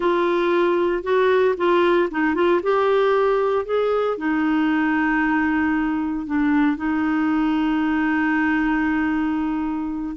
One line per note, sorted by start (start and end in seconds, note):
0.00 1.03 F4
1.03 1.55 F#4
1.57 2.09 F4
2.10 2.34 D#4
2.34 2.60 F4
2.63 3.65 G4
3.65 4.17 G#4
4.17 6.26 D#4
6.26 6.76 D4
6.76 10.15 D#4